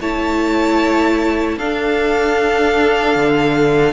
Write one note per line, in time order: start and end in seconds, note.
0.00 1.57 A3
0.00 1.59 E4
0.00 1.58 C#5
0.00 1.58 A5
1.57 3.14 D4
1.57 3.92 D4
1.57 3.92 A4
1.57 3.92 F5
3.15 3.92 D3